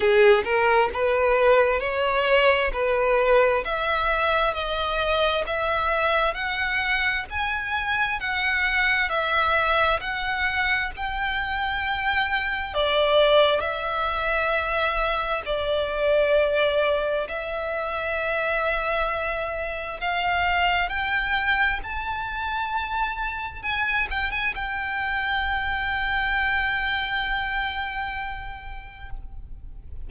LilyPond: \new Staff \with { instrumentName = "violin" } { \time 4/4 \tempo 4 = 66 gis'8 ais'8 b'4 cis''4 b'4 | e''4 dis''4 e''4 fis''4 | gis''4 fis''4 e''4 fis''4 | g''2 d''4 e''4~ |
e''4 d''2 e''4~ | e''2 f''4 g''4 | a''2 gis''8 g''16 gis''16 g''4~ | g''1 | }